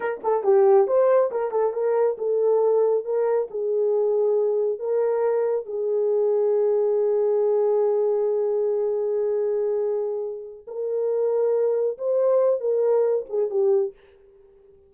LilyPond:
\new Staff \with { instrumentName = "horn" } { \time 4/4 \tempo 4 = 138 ais'8 a'8 g'4 c''4 ais'8 a'8 | ais'4 a'2 ais'4 | gis'2. ais'4~ | ais'4 gis'2.~ |
gis'1~ | gis'1~ | gis'8 ais'2. c''8~ | c''4 ais'4. gis'8 g'4 | }